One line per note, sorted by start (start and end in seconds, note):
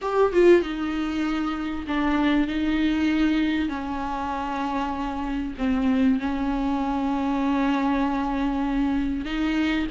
0.01 0.32 G4
0.33 0.62 F4
0.62 1.85 D#4
1.87 2.47 D4
2.47 3.68 D#4
3.68 5.54 C#4
5.58 6.19 C4
6.19 9.25 C#4
9.25 9.87 D#4